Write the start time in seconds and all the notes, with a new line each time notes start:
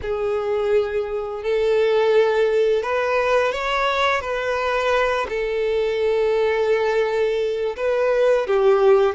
0.02 G#4
1.43 A4
2.82 B4
3.52 C#5
4.20 B4
5.28 A4
7.76 B4
8.46 G4